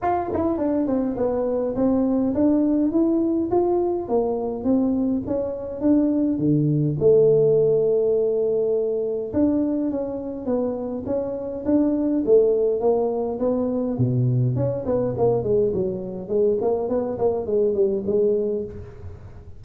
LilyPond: \new Staff \with { instrumentName = "tuba" } { \time 4/4 \tempo 4 = 103 f'8 e'8 d'8 c'8 b4 c'4 | d'4 e'4 f'4 ais4 | c'4 cis'4 d'4 d4 | a1 |
d'4 cis'4 b4 cis'4 | d'4 a4 ais4 b4 | b,4 cis'8 b8 ais8 gis8 fis4 | gis8 ais8 b8 ais8 gis8 g8 gis4 | }